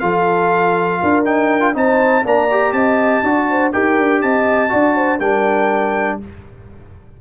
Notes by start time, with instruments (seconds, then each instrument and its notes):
0.00 tuba F3, trombone F4, horn A4, trumpet F5
1.01 tuba D4, horn A#4
1.25 trombone D#4, trumpet G5
1.61 trombone F4
1.74 tuba C4, trombone D#4, horn C5, trumpet A5
2.24 tuba A#3, trombone D4, horn D5, trumpet A#5
2.51 trombone G4
2.73 tuba C4, horn D#5, trumpet A5
3.23 tuba D4, trombone F#4, horn D5
3.51 horn C5
3.73 tuba D#4, trombone G4, horn A#4, trumpet G5
3.99 tuba D4
4.22 tuba C4, horn D#5, trumpet A5
4.69 tuba D4, trombone F#4, horn D5
4.95 horn C5
5.20 tuba G3, trombone D4, horn A#4, trumpet G5